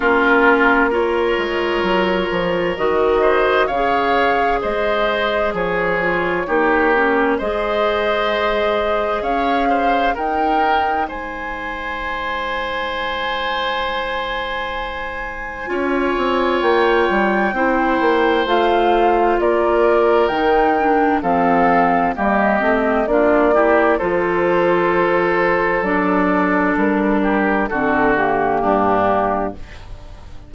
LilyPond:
<<
  \new Staff \with { instrumentName = "flute" } { \time 4/4 \tempo 4 = 65 ais'4 cis''2 dis''4 | f''4 dis''4 cis''2 | dis''2 f''4 g''4 | gis''1~ |
gis''2 g''2 | f''4 d''4 g''4 f''4 | dis''4 d''4 c''2 | d''4 ais'4 a'8 g'4. | }
  \new Staff \with { instrumentName = "oboe" } { \time 4/4 f'4 ais'2~ ais'8 c''8 | cis''4 c''4 gis'4 g'4 | c''2 cis''8 c''8 ais'4 | c''1~ |
c''4 cis''2 c''4~ | c''4 ais'2 a'4 | g'4 f'8 g'8 a'2~ | a'4. g'8 fis'4 d'4 | }
  \new Staff \with { instrumentName = "clarinet" } { \time 4/4 cis'4 f'2 fis'4 | gis'2~ gis'8 f'8 dis'8 cis'8 | gis'2. dis'4~ | dis'1~ |
dis'4 f'2 e'4 | f'2 dis'8 d'8 c'4 | ais8 c'8 d'8 e'8 f'2 | d'2 c'8 ais4. | }
  \new Staff \with { instrumentName = "bassoon" } { \time 4/4 ais4. gis8 fis8 f8 dis4 | cis4 gis4 f4 ais4 | gis2 cis'4 dis'4 | gis1~ |
gis4 cis'8 c'8 ais8 g8 c'8 ais8 | a4 ais4 dis4 f4 | g8 a8 ais4 f2 | fis4 g4 d4 g,4 | }
>>